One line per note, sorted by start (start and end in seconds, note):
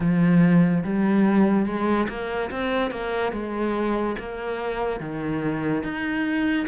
0.00 0.83 F3
0.84 1.66 G3
1.66 2.07 G#3
2.08 2.50 A#3
2.50 2.90 C4
2.90 3.32 A#3
3.32 4.16 G#3
4.19 5.00 A#3
5.00 5.83 D#3
5.83 6.66 D#4